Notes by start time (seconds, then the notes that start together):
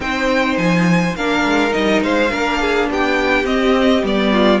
0.00 C4 D#4 C5 G5
0.57 F3 G#5
1.15 A#3 D4 A#4 F5
1.44 G#3
1.70 G3 D#4 D#5
2.03 G#3 C5 F5
2.30 A#3 D4 A#4
2.60 G#4
2.89 B3 G4 G5
3.44 C4 D#5
4.03 G3 B3 D5
4.32 F4